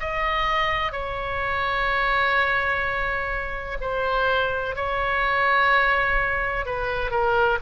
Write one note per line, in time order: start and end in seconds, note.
0.00 0.92 D#5
0.92 3.78 C#5
3.81 4.76 C5
4.76 6.66 C#5
6.66 7.11 B4
7.11 7.58 A#4